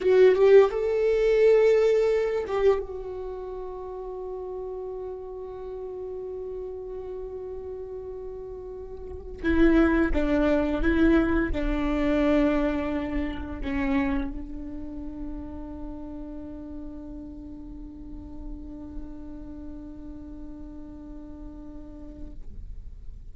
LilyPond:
\new Staff \with { instrumentName = "viola" } { \time 4/4 \tempo 4 = 86 fis'8 g'8 a'2~ a'8 g'8 | fis'1~ | fis'1~ | fis'4. e'4 d'4 e'8~ |
e'8 d'2. cis'8~ | cis'8 d'2.~ d'8~ | d'1~ | d'1 | }